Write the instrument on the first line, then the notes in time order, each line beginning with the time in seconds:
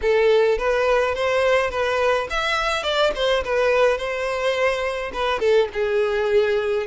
violin
0.01 A4
0.58 B4
1.14 C5
1.70 B4
2.30 E5
2.83 D5
3.15 C5
3.44 B4
3.97 C5
5.13 B4
5.39 A4
5.73 G#4